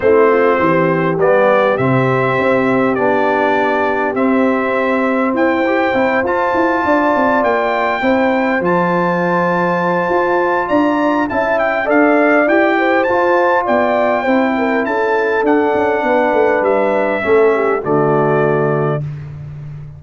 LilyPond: <<
  \new Staff \with { instrumentName = "trumpet" } { \time 4/4 \tempo 4 = 101 c''2 d''4 e''4~ | e''4 d''2 e''4~ | e''4 g''4. a''4.~ | a''8 g''2 a''4.~ |
a''2 ais''4 a''8 g''8 | f''4 g''4 a''4 g''4~ | g''4 a''4 fis''2 | e''2 d''2 | }
  \new Staff \with { instrumentName = "horn" } { \time 4/4 e'8 f'8 g'2.~ | g'1~ | g'4 c''2~ c''8 d''8~ | d''4. c''2~ c''8~ |
c''2 d''4 e''4 | d''4. c''4. d''4 | c''8 ais'8 a'2 b'4~ | b'4 a'8 g'8 fis'2 | }
  \new Staff \with { instrumentName = "trombone" } { \time 4/4 c'2 b4 c'4~ | c'4 d'2 c'4~ | c'4. g'8 e'8 f'4.~ | f'4. e'4 f'4.~ |
f'2. e'4 | a'4 g'4 f'2 | e'2 d'2~ | d'4 cis'4 a2 | }
  \new Staff \with { instrumentName = "tuba" } { \time 4/4 a4 e4 g4 c4 | c'4 b2 c'4~ | c'4 e'4 c'8 f'8 e'8 d'8 | c'8 ais4 c'4 f4.~ |
f4 f'4 d'4 cis'4 | d'4 e'4 f'4 b4 | c'4 cis'4 d'8 cis'8 b8 a8 | g4 a4 d2 | }
>>